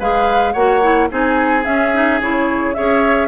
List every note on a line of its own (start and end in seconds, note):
0.00 0.55 G#3
0.00 0.56 G#4
0.00 0.53 B4
0.00 0.53 F5
0.53 1.10 A#3
0.53 0.82 F#4
0.53 1.08 C#5
0.53 1.08 F#5
0.82 1.10 E4
1.11 1.66 C4
1.11 1.65 D#4
1.11 2.76 G#4
1.11 1.65 G#5
1.65 1.92 C#4
1.65 2.21 C#4
1.65 2.21 E5
1.94 2.21 D#4
2.21 2.77 C#3
2.21 2.76 E4
2.21 2.74 C#5
2.74 3.29 C#4
2.74 3.29 G#4
2.74 3.29 C#5
2.74 3.29 E5